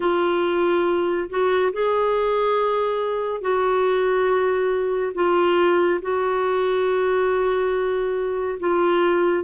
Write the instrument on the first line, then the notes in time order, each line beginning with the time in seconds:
clarinet
0.00 F4
1.29 F#4
1.73 G#4
3.41 F#4
5.14 F4
6.01 F#4
8.59 F4